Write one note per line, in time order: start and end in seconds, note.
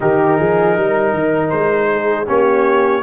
0.00 0.39 D#3
0.00 2.26 D#4
0.00 0.37 G4
0.00 1.49 A#4
0.37 0.77 F3
0.37 0.75 G#4
0.75 1.13 G3
0.75 1.89 A#4
1.13 1.51 D#3
1.49 2.28 G#3
1.49 2.25 C5
1.93 2.26 G#4
2.26 3.02 A#3
2.26 3.02 C#4
2.26 3.02 G4
2.26 3.02 C#5